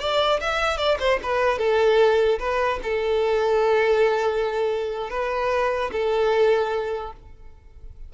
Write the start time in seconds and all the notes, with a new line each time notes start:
0.00 D5
0.41 E5
0.78 D5
1.00 C5
1.23 B4
1.59 A4
2.39 B4
2.83 A4
5.10 B4
5.92 A4